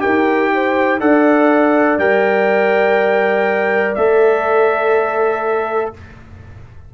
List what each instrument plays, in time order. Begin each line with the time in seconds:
0.00 tuba D#4, trombone G4, horn A#4, trumpet G5
0.55 horn C5
1.01 tuba D4, trombone A4, horn D5, trumpet F#5
1.98 tuba G3, trombone A#4, trumpet G5
3.95 tuba A3, trombone A4, trumpet E5